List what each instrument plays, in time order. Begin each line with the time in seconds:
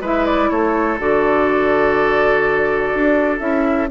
0.00 bassoon G#3, clarinet E4, oboe B4, flute E5
0.25 flute D5
0.50 bassoon A3, oboe A4, flute C#5
0.98 bassoon D3, clarinet F#4, flute D5
2.94 bassoon D4
3.39 bassoon C#4, clarinet E4, flute E5